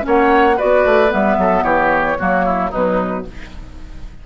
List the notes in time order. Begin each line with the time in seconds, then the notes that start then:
0.00 C#4
0.06 A#3 C#5 F#5
0.56 B3 F#4 B4 D5
0.85 A3
1.08 G3 B3 E5
1.38 F#3 A4
1.63 E3 G4 C#5
2.19 F#3 A#3 F#4
2.45 E4
2.70 B2 F#3 D#4 B4